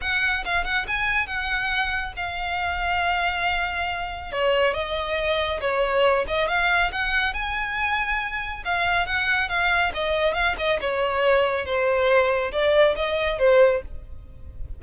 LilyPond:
\new Staff \with { instrumentName = "violin" } { \time 4/4 \tempo 4 = 139 fis''4 f''8 fis''8 gis''4 fis''4~ | fis''4 f''2.~ | f''2 cis''4 dis''4~ | dis''4 cis''4. dis''8 f''4 |
fis''4 gis''2. | f''4 fis''4 f''4 dis''4 | f''8 dis''8 cis''2 c''4~ | c''4 d''4 dis''4 c''4 | }